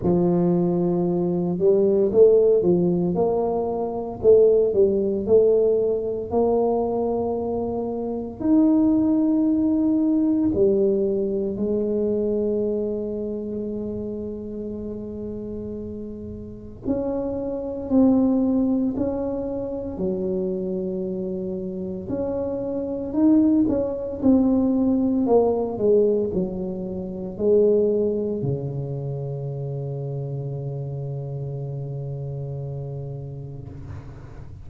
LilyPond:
\new Staff \with { instrumentName = "tuba" } { \time 4/4 \tempo 4 = 57 f4. g8 a8 f8 ais4 | a8 g8 a4 ais2 | dis'2 g4 gis4~ | gis1 |
cis'4 c'4 cis'4 fis4~ | fis4 cis'4 dis'8 cis'8 c'4 | ais8 gis8 fis4 gis4 cis4~ | cis1 | }